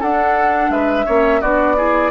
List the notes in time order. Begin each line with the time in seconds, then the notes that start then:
0.00 D4 A4 F#5
0.70 G#3 B4 E5
1.06 A#3 C#4 C#5
1.41 B3 D4 F#4 D5
1.77 E4 G#4